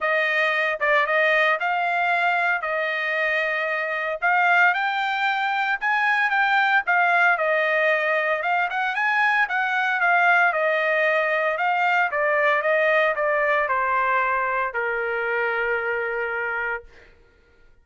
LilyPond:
\new Staff \with { instrumentName = "trumpet" } { \time 4/4 \tempo 4 = 114 dis''4. d''8 dis''4 f''4~ | f''4 dis''2. | f''4 g''2 gis''4 | g''4 f''4 dis''2 |
f''8 fis''8 gis''4 fis''4 f''4 | dis''2 f''4 d''4 | dis''4 d''4 c''2 | ais'1 | }